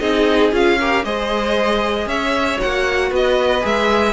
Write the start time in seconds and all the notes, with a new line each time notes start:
0.00 C4 D#4 G#4 D#5
0.52 C#4 F4 F5
0.80 G4 A#4
1.05 G#3 G#4 C5 D#5
2.06 C#4 C#5 E5
2.59 A#3 F#4 F#5
3.10 B3 B4 D#5
3.61 G#3 G#4 E5